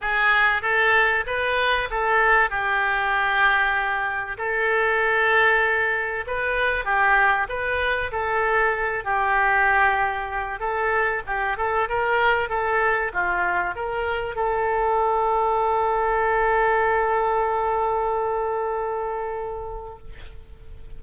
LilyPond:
\new Staff \with { instrumentName = "oboe" } { \time 4/4 \tempo 4 = 96 gis'4 a'4 b'4 a'4 | g'2. a'4~ | a'2 b'4 g'4 | b'4 a'4. g'4.~ |
g'4 a'4 g'8 a'8 ais'4 | a'4 f'4 ais'4 a'4~ | a'1~ | a'1 | }